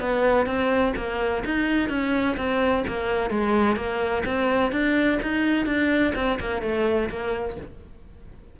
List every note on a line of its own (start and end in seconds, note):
0.00 0.46 B3
0.46 0.93 C4
0.96 1.43 A#3
1.45 1.89 D#4
1.89 2.36 C#4
2.37 2.84 C4
2.87 3.30 A#3
3.30 3.76 G#3
3.76 4.23 A#3
4.25 4.72 C4
4.72 5.19 D4
5.22 5.66 D#4
5.66 6.13 D4
6.15 6.39 C4
6.40 6.62 A#3
6.62 7.09 A3
7.09 7.56 A#3